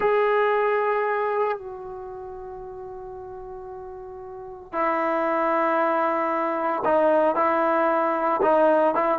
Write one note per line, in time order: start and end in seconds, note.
0.00 1.58 G#4
1.58 4.72 F#4
4.72 6.83 E4
6.84 7.35 D#4
7.35 8.41 E4
8.42 8.94 D#4
8.94 9.18 E4